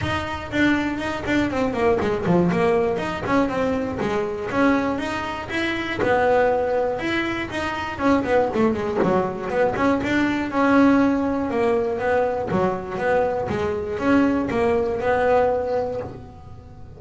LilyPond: \new Staff \with { instrumentName = "double bass" } { \time 4/4 \tempo 4 = 120 dis'4 d'4 dis'8 d'8 c'8 ais8 | gis8 f8 ais4 dis'8 cis'8 c'4 | gis4 cis'4 dis'4 e'4 | b2 e'4 dis'4 |
cis'8 b8 a8 gis8 fis4 b8 cis'8 | d'4 cis'2 ais4 | b4 fis4 b4 gis4 | cis'4 ais4 b2 | }